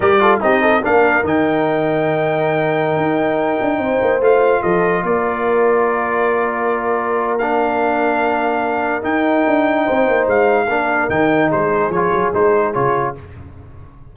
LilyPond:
<<
  \new Staff \with { instrumentName = "trumpet" } { \time 4/4 \tempo 4 = 146 d''4 dis''4 f''4 g''4~ | g''1~ | g''2~ g''16 f''4 dis''8.~ | dis''16 d''2.~ d''8.~ |
d''2 f''2~ | f''2 g''2~ | g''4 f''2 g''4 | c''4 cis''4 c''4 cis''4 | }
  \new Staff \with { instrumentName = "horn" } { \time 4/4 ais'8 a'8 g'8 a'8 ais'2~ | ais'1~ | ais'4~ ais'16 c''2 a'8.~ | a'16 ais'2.~ ais'8.~ |
ais'1~ | ais'1 | c''2 ais'2 | gis'1 | }
  \new Staff \with { instrumentName = "trombone" } { \time 4/4 g'8 f'8 dis'4 d'4 dis'4~ | dis'1~ | dis'2~ dis'16 f'4.~ f'16~ | f'1~ |
f'2 d'2~ | d'2 dis'2~ | dis'2 d'4 dis'4~ | dis'4 f'4 dis'4 f'4 | }
  \new Staff \with { instrumentName = "tuba" } { \time 4/4 g4 c'4 ais4 dis4~ | dis2.~ dis16 dis'8.~ | dis'8. d'8 c'8 ais8 a4 f8.~ | f16 ais2.~ ais8.~ |
ais1~ | ais2 dis'4 d'4 | c'8 ais8 gis4 ais4 dis4 | gis4 f8 fis8 gis4 cis4 | }
>>